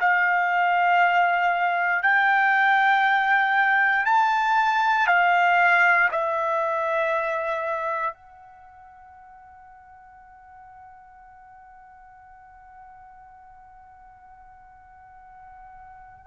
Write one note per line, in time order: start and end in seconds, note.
0.00 2.03 F5
2.03 4.05 G5
4.05 5.07 A5
5.07 6.09 F5
6.11 8.14 E5
8.14 16.27 F#5